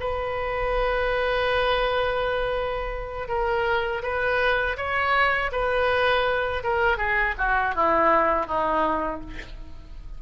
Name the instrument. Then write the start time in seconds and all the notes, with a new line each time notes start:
oboe
0.00 B4
3.29 A#4
4.03 B4
4.77 C#5
5.52 B4
6.64 A#4
6.98 G#4
7.38 F#4
7.76 E4
8.47 D#4